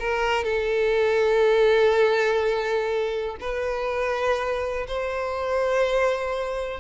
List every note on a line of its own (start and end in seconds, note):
0.00 0.44 A#4
0.44 3.37 A4
3.40 4.87 B4
4.88 6.80 C5